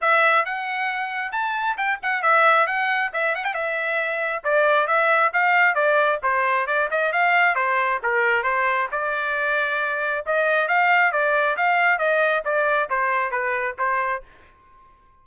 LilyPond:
\new Staff \with { instrumentName = "trumpet" } { \time 4/4 \tempo 4 = 135 e''4 fis''2 a''4 | g''8 fis''8 e''4 fis''4 e''8 fis''16 g''16 | e''2 d''4 e''4 | f''4 d''4 c''4 d''8 dis''8 |
f''4 c''4 ais'4 c''4 | d''2. dis''4 | f''4 d''4 f''4 dis''4 | d''4 c''4 b'4 c''4 | }